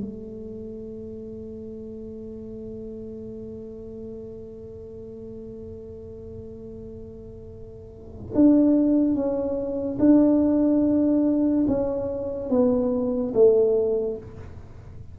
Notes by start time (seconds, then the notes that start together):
0.00 A3
8.34 D4
9.15 C#4
9.99 D4
11.67 C#4
12.50 B3
13.34 A3